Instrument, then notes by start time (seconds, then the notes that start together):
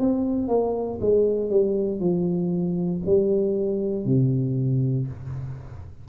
tuba
0.00 C4
0.49 A#3
1.01 G#3
1.51 G3
2.01 F3
3.06 G3
4.06 C3